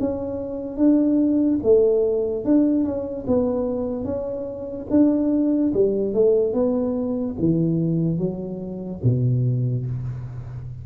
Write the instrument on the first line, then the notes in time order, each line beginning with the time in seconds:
tuba
0.00 C#4
0.77 D4
1.63 A3
2.45 D4
2.84 C#4
3.27 B3
4.05 C#4
4.91 D4
5.74 G3
6.14 A3
6.54 B3
7.39 E3
8.19 F#3
9.04 B2